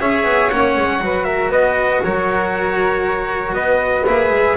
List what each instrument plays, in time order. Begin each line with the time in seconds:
0.00 double bass C#4, cello G#4, flute C#5, trumpet E5
0.24 double bass B3
0.50 double bass A#3, cello C#4, trumpet F#5
0.77 double bass G#3
1.00 double bass F#3, cello F#4, flute B4
1.24 flute A#4, trumpet E5
1.49 double bass B3, flute B4, trumpet D#5
2.03 double bass F#3, flute A#4, trumpet C#5
3.53 double bass B3, flute B4, trumpet D#5
4.07 double bass A#3, cello G#4, trumpet E5
4.30 double bass G#3